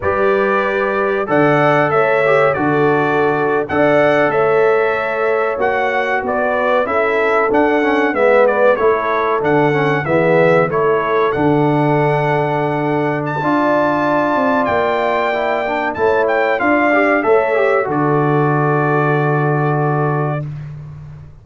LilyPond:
<<
  \new Staff \with { instrumentName = "trumpet" } { \time 4/4 \tempo 4 = 94 d''2 fis''4 e''4 | d''4.~ d''16 fis''4 e''4~ e''16~ | e''8. fis''4 d''4 e''4 fis''16~ | fis''8. e''8 d''8 cis''4 fis''4 e''16~ |
e''8. cis''4 fis''2~ fis''16~ | fis''8. a''2~ a''16 g''4~ | g''4 a''8 g''8 f''4 e''4 | d''1 | }
  \new Staff \with { instrumentName = "horn" } { \time 4/4 b'2 d''4 cis''4 | a'4.~ a'16 d''4 cis''4~ cis''16~ | cis''4.~ cis''16 b'4 a'4~ a'16~ | a'8. b'4 a'2 gis'16~ |
gis'8. a'2.~ a'16~ | a'4 d''2.~ | d''4 cis''4 d''4 cis''4 | a'1 | }
  \new Staff \with { instrumentName = "trombone" } { \time 4/4 g'2 a'4. g'8 | fis'4.~ fis'16 a'2~ a'16~ | a'8. fis'2 e'4 d'16~ | d'16 cis'8 b4 e'4 d'8 cis'8 b16~ |
b8. e'4 d'2~ d'16~ | d'4 f'2. | e'8 d'8 e'4 f'8 g'8 a'8 g'8 | fis'1 | }
  \new Staff \with { instrumentName = "tuba" } { \time 4/4 g2 d4 a4 | d4.~ d16 d'4 a4~ a16~ | a8. ais4 b4 cis'4 d'16~ | d'8. gis4 a4 d4 e16~ |
e8. a4 d2~ d16~ | d4 d'4. c'8 ais4~ | ais4 a4 d'4 a4 | d1 | }
>>